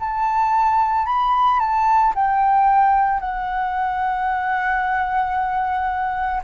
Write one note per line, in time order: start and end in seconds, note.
0.00 1.07 A5
1.07 1.60 B5
1.60 2.14 A5
2.15 3.20 G5
3.20 6.42 F#5